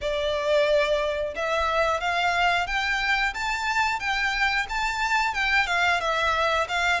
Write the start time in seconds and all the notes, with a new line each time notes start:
0.01 D5
1.35 E5
2.00 F5
2.66 G5
3.34 A5
3.99 G5
4.69 A5
5.34 G5
5.67 F5
6.00 E5
6.68 F5